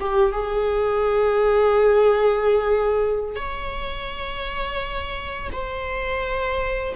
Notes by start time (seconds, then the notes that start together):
0.00 G4
0.32 G#4
3.36 C#5
5.52 C5